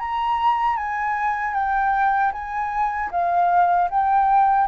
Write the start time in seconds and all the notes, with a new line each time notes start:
0.00 A#5
0.77 G#5
1.54 G5
2.33 G#5
3.12 F5
3.90 G5